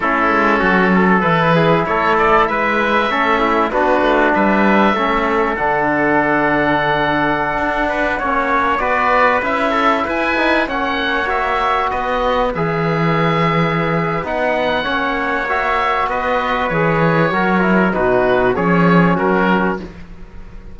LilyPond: <<
  \new Staff \with { instrumentName = "oboe" } { \time 4/4 \tempo 4 = 97 a'2 b'4 cis''8 d''8 | e''2 b'4 e''4~ | e''4 fis''2.~ | fis''2~ fis''16 d''4 e''8.~ |
e''16 gis''4 fis''4 e''4 dis''8.~ | dis''16 e''2~ e''8. fis''4~ | fis''4 e''4 dis''4 cis''4~ | cis''4 b'4 cis''4 ais'4 | }
  \new Staff \with { instrumentName = "trumpet" } { \time 4/4 e'4 fis'8 a'4 gis'8 a'4 | b'4 a'8 e'8 fis'4 b'4 | a'1~ | a'8. b'8 cis''4 b'4. a'16~ |
a'16 b'4 cis''2 b'8.~ | b'1 | cis''2 b'2 | ais'4 fis'4 gis'4 fis'4 | }
  \new Staff \with { instrumentName = "trombone" } { \time 4/4 cis'2 e'2~ | e'4 cis'4 d'2 | cis'4 d'2.~ | d'4~ d'16 cis'4 fis'4 e'8.~ |
e'8. dis'8 cis'4 fis'4.~ fis'16~ | fis'16 gis'2~ gis'8. dis'4 | cis'4 fis'2 gis'4 | fis'8 e'8 dis'4 cis'2 | }
  \new Staff \with { instrumentName = "cello" } { \time 4/4 a8 gis8 fis4 e4 a4 | gis4 a4 b8 a8 g4 | a4 d2.~ | d16 d'4 ais4 b4 cis'8.~ |
cis'16 e'4 ais2 b8.~ | b16 e2~ e8. b4 | ais2 b4 e4 | fis4 b,4 f4 fis4 | }
>>